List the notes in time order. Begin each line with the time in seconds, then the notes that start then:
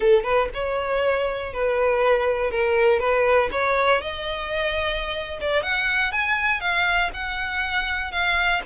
0.00 A4
0.23 B4
0.54 C#5
1.53 B4
2.50 A#4
2.99 B4
3.51 C#5
4.01 D#5
5.40 D5
5.62 F#5
6.12 G#5
6.60 F5
7.13 F#5
8.11 F5